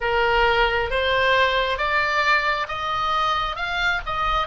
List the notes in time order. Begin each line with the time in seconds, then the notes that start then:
0.00 A#4
0.90 C5
1.77 D5
2.68 D#5
3.56 F5
4.06 D#5